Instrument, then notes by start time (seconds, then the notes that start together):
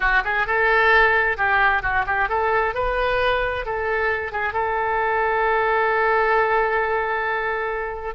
oboe
0.00 F#4
0.24 G#4
0.46 A4
1.37 G4
1.82 F#4
2.06 G4
2.29 A4
2.74 B4
3.65 A4
4.32 G#4
4.53 A4